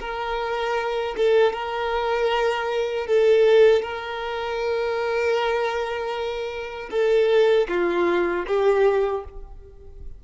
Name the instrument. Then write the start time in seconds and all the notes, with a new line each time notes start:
violin
0.00 A#4
1.17 A4
1.53 A#4
3.07 A4
3.82 A#4
6.91 A4
7.68 F4
8.47 G4